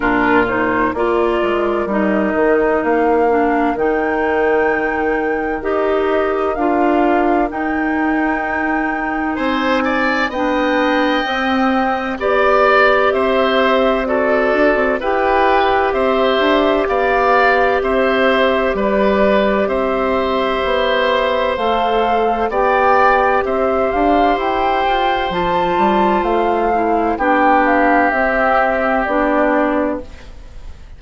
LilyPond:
<<
  \new Staff \with { instrumentName = "flute" } { \time 4/4 \tempo 4 = 64 ais'8 c''8 d''4 dis''4 f''4 | g''2 dis''4 f''4 | g''2 gis''4 g''4~ | g''4 d''4 e''4 d''4 |
g''4 e''4 f''4 e''4 | d''4 e''2 f''4 | g''4 e''8 f''8 g''4 a''4 | f''4 g''8 f''8 e''4 d''4 | }
  \new Staff \with { instrumentName = "oboe" } { \time 4/4 f'4 ais'2.~ | ais'1~ | ais'2 c''8 d''8 dis''4~ | dis''4 d''4 c''4 a'4 |
b'4 c''4 d''4 c''4 | b'4 c''2. | d''4 c''2.~ | c''4 g'2. | }
  \new Staff \with { instrumentName = "clarinet" } { \time 4/4 d'8 dis'8 f'4 dis'4. d'8 | dis'2 g'4 f'4 | dis'2. d'4 | c'4 g'2 fis'4 |
g'1~ | g'2. a'4 | g'2. f'4~ | f'8 e'8 d'4 c'4 d'4 | }
  \new Staff \with { instrumentName = "bassoon" } { \time 4/4 ais,4 ais8 gis8 g8 dis8 ais4 | dis2 dis'4 d'4 | dis'2 c'4 b4 | c'4 b4 c'4. d'16 c'16 |
e'4 c'8 d'8 b4 c'4 | g4 c'4 b4 a4 | b4 c'8 d'8 e'8 f'8 f8 g8 | a4 b4 c'4 b4 | }
>>